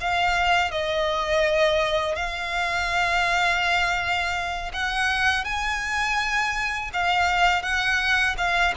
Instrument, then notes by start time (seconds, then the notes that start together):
violin
0.00 F5
0.71 D#5
2.16 F5
4.73 F#5
5.44 G#5
6.93 F5
7.63 F#5
8.37 F5